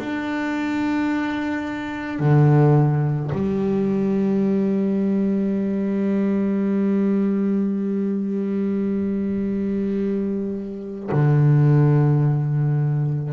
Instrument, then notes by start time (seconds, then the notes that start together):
double bass
0.00 D4
2.20 D3
3.33 G3
11.12 D3